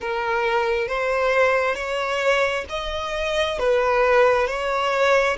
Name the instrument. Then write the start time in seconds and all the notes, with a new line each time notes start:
violin
0.00 A#4
0.88 C5
1.75 C#5
2.69 D#5
3.58 B4
4.47 C#5